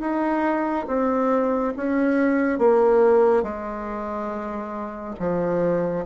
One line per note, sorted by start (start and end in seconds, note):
0.00 0.86 D#4
0.88 1.73 C4
1.77 2.59 C#4
2.59 3.43 A#3
3.43 5.15 G#3
5.20 6.05 F3